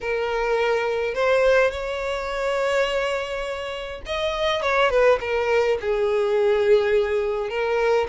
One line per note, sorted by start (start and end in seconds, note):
0.01 1.14 A#4
1.14 1.70 C5
1.70 4.01 C#5
4.05 4.62 D#5
4.62 4.89 C#5
4.89 5.18 B4
5.20 5.77 A#4
5.80 7.49 G#4
7.49 8.07 A#4